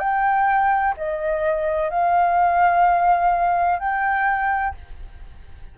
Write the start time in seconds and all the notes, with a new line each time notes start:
0.00 G5
0.97 D#5
1.90 F5
3.80 G5